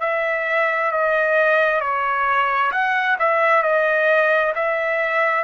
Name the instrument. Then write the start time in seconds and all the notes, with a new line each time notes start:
trumpet
0.00 E5
0.91 D#5
1.80 C#5
2.71 F#5
3.19 E5
3.62 D#5
4.55 E5